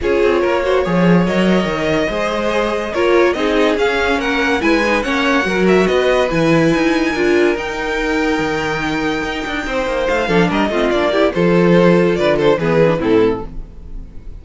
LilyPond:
<<
  \new Staff \with { instrumentName = "violin" } { \time 4/4 \tempo 4 = 143 cis''2. dis''4~ | dis''2. cis''4 | dis''4 f''4 fis''4 gis''4 | fis''4. e''8 dis''4 gis''4~ |
gis''2 g''2~ | g''1 | f''4 dis''4 d''4 c''4~ | c''4 d''8 c''8 b'4 a'4 | }
  \new Staff \with { instrumentName = "violin" } { \time 4/4 gis'4 ais'8 c''8 cis''2~ | cis''4 c''2 ais'4 | gis'2 ais'4 b'4 | cis''4 ais'4 b'2~ |
b'4 ais'2.~ | ais'2. c''4~ | c''8 a'8 ais'8 f'4 g'8 a'4~ | a'4 b'8 a'8 gis'4 e'4 | }
  \new Staff \with { instrumentName = "viola" } { \time 4/4 f'4. fis'8 gis'4 ais'4~ | ais'4 gis'2 f'4 | dis'4 cis'2 e'8 dis'8 | cis'4 fis'2 e'4~ |
e'4 f'4 dis'2~ | dis'1~ | dis'8 d'4 c'8 d'8 e'8 f'4~ | f'2 b8 c'16 d'16 c'4 | }
  \new Staff \with { instrumentName = "cello" } { \time 4/4 cis'8 c'8 ais4 f4 fis4 | dis4 gis2 ais4 | c'4 cis'4 ais4 gis4 | ais4 fis4 b4 e4 |
dis'4 d'4 dis'2 | dis2 dis'8 d'8 c'8 ais8 | a8 f8 g8 a8 ais4 f4~ | f4 d4 e4 a,4 | }
>>